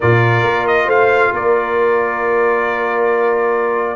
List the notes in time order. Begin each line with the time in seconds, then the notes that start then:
0.00 A#2 F4 A#4 D5
0.43 A#3
0.67 D#5
0.85 A3 C5 F5
1.32 A#3 A#4 D5